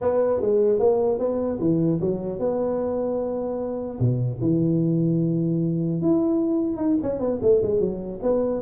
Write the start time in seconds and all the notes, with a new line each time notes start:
0.01 B3
0.40 G#3
0.79 A#3
1.18 B3
1.59 E3
2.00 F#3
2.39 B3
3.99 B2
4.41 E3
6.01 E4
6.76 D#4
7.02 C#4
7.19 B3
7.42 A3
7.62 G#3
7.80 F#3
8.22 B3